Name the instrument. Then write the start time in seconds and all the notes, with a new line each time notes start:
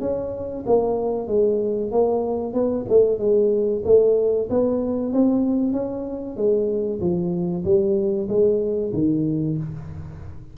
tuba
0.00 C#4
0.66 A#3
1.27 G#3
1.91 A#3
2.53 B3
2.89 A3
3.19 G#3
3.84 A3
4.50 B3
5.13 C4
5.72 C#4
6.36 G#3
7.00 F3
7.64 G3
8.28 G#3
8.93 D#3